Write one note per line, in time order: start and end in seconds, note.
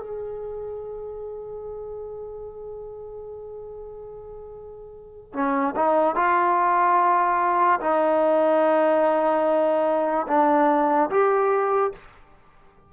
0.00 5.34 G#4
5.34 5.75 C#4
5.76 6.16 D#4
6.16 7.80 F4
7.80 10.27 D#4
10.28 11.10 D4
11.10 11.93 G4